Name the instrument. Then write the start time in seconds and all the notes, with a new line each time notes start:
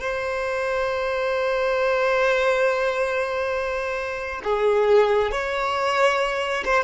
violin
0.00 C5
4.44 G#4
5.31 C#5
6.65 C5